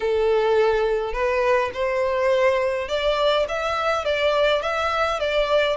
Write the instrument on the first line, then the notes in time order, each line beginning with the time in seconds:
violin
0.00 A4
1.13 B4
1.73 C5
2.88 D5
3.48 E5
4.04 D5
4.62 E5
5.19 D5